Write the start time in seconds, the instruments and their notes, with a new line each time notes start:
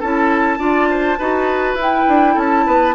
0.00 bassoon C#4, clarinet E4, oboe A4, flute A5
0.58 bassoon D4, clarinet F4, oboe D5
0.90 oboe C5
1.19 bassoon D#4, clarinet F#4, oboe B4
1.75 bassoon E4, clarinet E4
1.82 flute G5
2.08 bassoon D4
2.35 bassoon C#4, oboe A4, flute A5
2.67 bassoon B3, oboe B4